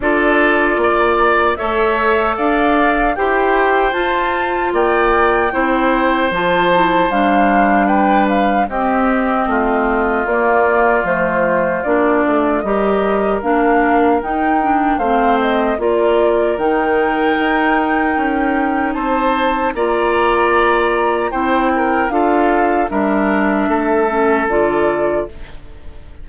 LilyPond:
<<
  \new Staff \with { instrumentName = "flute" } { \time 4/4 \tempo 4 = 76 d''2 e''4 f''4 | g''4 a''4 g''2 | a''4 f''4 g''8 f''8 dis''4~ | dis''4 d''4 c''4 d''4 |
dis''4 f''4 g''4 f''8 dis''8 | d''4 g''2. | a''4 ais''2 g''4 | f''4 e''2 d''4 | }
  \new Staff \with { instrumentName = "oboe" } { \time 4/4 a'4 d''4 cis''4 d''4 | c''2 d''4 c''4~ | c''2 b'4 g'4 | f'1 |
ais'2. c''4 | ais'1 | c''4 d''2 c''8 ais'8 | a'4 ais'4 a'2 | }
  \new Staff \with { instrumentName = "clarinet" } { \time 4/4 f'2 a'2 | g'4 f'2 e'4 | f'8 e'8 d'2 c'4~ | c'4 ais4 a4 d'4 |
g'4 d'4 dis'8 d'8 c'4 | f'4 dis'2.~ | dis'4 f'2 e'4 | f'4 d'4. cis'8 f'4 | }
  \new Staff \with { instrumentName = "bassoon" } { \time 4/4 d'4 ais4 a4 d'4 | e'4 f'4 ais4 c'4 | f4 g2 c'4 | a4 ais4 f4 ais8 a8 |
g4 ais4 dis'4 a4 | ais4 dis4 dis'4 cis'4 | c'4 ais2 c'4 | d'4 g4 a4 d4 | }
>>